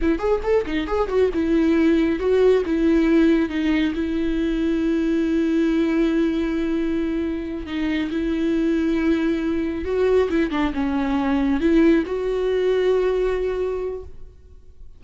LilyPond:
\new Staff \with { instrumentName = "viola" } { \time 4/4 \tempo 4 = 137 e'8 gis'8 a'8 dis'8 gis'8 fis'8 e'4~ | e'4 fis'4 e'2 | dis'4 e'2.~ | e'1~ |
e'4. dis'4 e'4.~ | e'2~ e'8 fis'4 e'8 | d'8 cis'2 e'4 fis'8~ | fis'1 | }